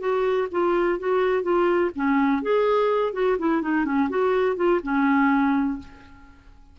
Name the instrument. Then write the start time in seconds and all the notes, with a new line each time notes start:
clarinet
0.00 F#4
0.52 F4
0.99 F#4
1.43 F4
1.96 C#4
2.43 G#4
3.14 F#4
3.39 E4
3.62 D#4
3.85 C#4
4.10 F#4
4.56 F4
4.83 C#4